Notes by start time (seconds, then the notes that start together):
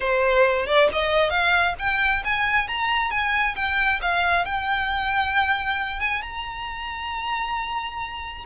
0.00 C5
0.66 D5
0.92 D#5
1.30 F5
1.78 G5
2.24 G#5
2.68 A#5
3.11 G#5
3.55 G5
4.01 F5
4.45 G5
6.00 G#5
6.22 A#5